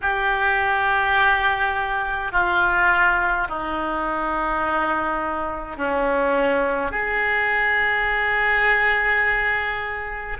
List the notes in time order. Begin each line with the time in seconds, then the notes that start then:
0.01 G4
2.32 F4
3.49 D#4
5.76 C#4
6.91 G#4